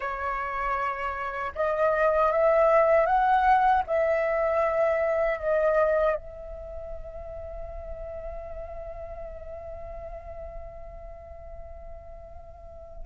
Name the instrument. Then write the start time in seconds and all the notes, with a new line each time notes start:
flute
0.00 C#5
1.55 D#5
2.31 E5
3.06 F#5
3.86 E5
5.38 D#5
6.15 E5